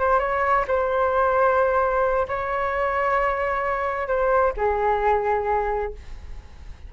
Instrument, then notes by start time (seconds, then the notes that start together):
flute
0.00 C5
0.19 C#5
0.68 C5
2.28 C#5
4.08 C5
4.57 G#4